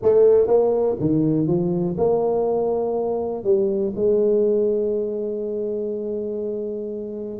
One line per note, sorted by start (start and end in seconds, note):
0.02 0.47 A3
0.47 0.96 A#3
1.00 1.47 D#3
1.47 1.96 F3
1.97 3.43 A#3
3.43 3.93 G3
3.95 7.39 G#3